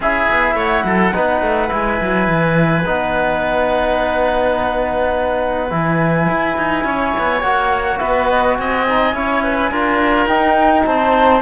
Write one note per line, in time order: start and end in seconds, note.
0.00 0.28 C#4
0.00 1.13 E4
0.00 0.55 G#4
0.00 0.58 E5
0.30 0.54 B3
0.54 0.83 A3
0.54 0.83 C#5
0.54 1.72 F#5
0.84 1.13 F#3
0.84 1.14 A4
1.13 1.41 B3
1.13 1.69 D#4
1.13 6.86 B4
1.41 1.70 A3
1.69 2.01 G#3
1.69 2.83 E4
1.69 2.87 G#5
2.01 2.28 F#3
2.28 2.85 E3
2.86 5.71 B3
2.86 5.70 D#4
2.86 5.71 F#5
5.70 6.28 E3
5.70 7.41 E4
5.70 7.41 G#5
6.29 6.57 E4
6.57 6.84 D#4
6.84 7.12 C#4
6.84 7.99 C#5
7.18 7.42 B3
7.41 8.00 A#3
7.41 8.87 F#4
7.41 7.98 F#5
7.98 8.58 B3
7.98 8.56 B4
7.98 8.27 E5
8.28 8.54 D#5
8.54 9.13 C4
8.54 9.15 D#5
8.54 10.26 G#5
8.88 9.14 D#4
9.13 9.70 C#4
9.13 9.71 E4
9.13 9.43 C#5
9.43 9.71 B4
9.71 10.26 D4
9.71 10.28 F4
9.71 10.85 A#4
10.26 10.83 D#4
10.26 11.41 D#4
10.26 10.84 G5
10.85 11.41 C4
10.85 11.41 C5
10.85 11.41 A5